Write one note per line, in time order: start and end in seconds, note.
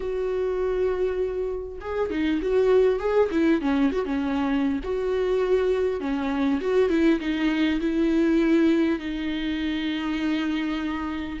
0.00 1.78 F#4
1.80 2.10 G#4
2.10 2.40 D#4
2.42 2.99 F#4
2.99 3.29 G#4
3.31 3.61 E4
3.61 3.91 C#4
3.92 4.05 F#4
4.05 4.80 C#4
4.83 6.00 F#4
6.00 6.60 C#4
6.60 6.89 F#4
6.89 7.19 E4
7.19 7.79 D#4
7.80 8.99 E4
8.99 11.39 D#4